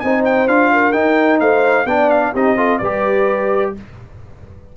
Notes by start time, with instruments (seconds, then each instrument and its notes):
0.00 tuba C4, trombone D#4, horn C5, trumpet G#5
0.25 trumpet G5
0.48 tuba D4, trombone F4, trumpet F5
0.73 horn A#4
0.93 trombone D#4, tuba D#4, trumpet G5
1.40 tuba A3, horn C5, trumpet F5
1.86 tuba B3, trombone D4, horn D5, trumpet G5
2.10 trumpet F5
2.34 tuba C4, trombone D#4, horn G4, trumpet D#5
2.57 trombone F4, horn A4
2.79 tuba G3, trombone G4, horn B4, trumpet D5